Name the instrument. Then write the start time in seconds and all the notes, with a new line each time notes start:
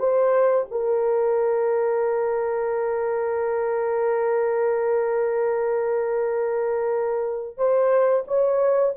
horn
0.00 C5
0.71 A#4
7.58 C5
8.28 C#5